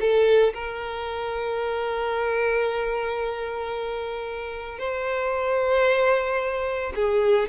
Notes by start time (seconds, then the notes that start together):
0.00 A4
0.54 A#4
4.78 C5
6.95 G#4